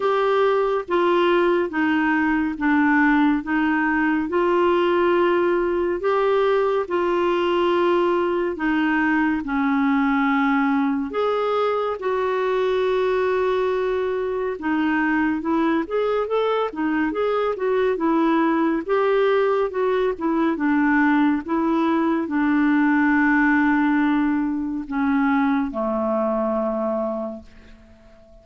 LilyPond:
\new Staff \with { instrumentName = "clarinet" } { \time 4/4 \tempo 4 = 70 g'4 f'4 dis'4 d'4 | dis'4 f'2 g'4 | f'2 dis'4 cis'4~ | cis'4 gis'4 fis'2~ |
fis'4 dis'4 e'8 gis'8 a'8 dis'8 | gis'8 fis'8 e'4 g'4 fis'8 e'8 | d'4 e'4 d'2~ | d'4 cis'4 a2 | }